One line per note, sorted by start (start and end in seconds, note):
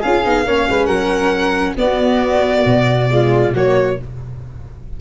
0.00 0.25 C#4
0.00 0.24 F4
0.00 0.44 G#4
0.00 0.85 F5
0.24 0.46 B3
0.24 0.45 D#4
0.46 0.68 A#3
0.46 1.77 C#4
0.46 0.68 C#5
0.69 0.87 G#3
0.69 0.86 B4
0.85 1.74 F#3
0.85 1.74 A#4
0.85 1.73 F#5
1.77 3.08 B3
1.77 2.65 B3
1.77 3.10 F#4
1.77 3.53 D5
2.65 3.53 B2
3.10 3.54 G#3
3.10 3.53 F4
3.53 3.98 F#3
3.53 3.99 A#3
3.53 3.97 F#4
3.53 4.00 C#5